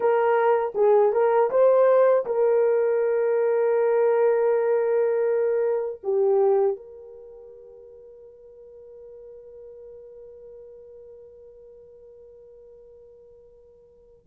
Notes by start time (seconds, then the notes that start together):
0.00 A#4
0.75 G#4
1.12 A#4
1.50 C5
2.25 A#4
6.03 G4
6.76 A#4